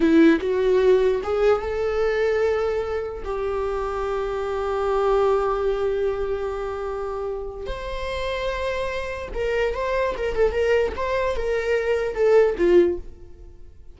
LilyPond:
\new Staff \with { instrumentName = "viola" } { \time 4/4 \tempo 4 = 148 e'4 fis'2 gis'4 | a'1 | g'1~ | g'1~ |
g'2. c''4~ | c''2. ais'4 | c''4 ais'8 a'8 ais'4 c''4 | ais'2 a'4 f'4 | }